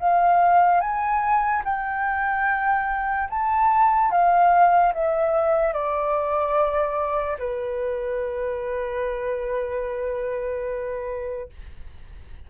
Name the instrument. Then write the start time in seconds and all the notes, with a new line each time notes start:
flute
0.00 F5
0.81 G#5
1.65 G5
3.30 A5
4.11 F5
4.94 E5
5.73 D5
7.39 B4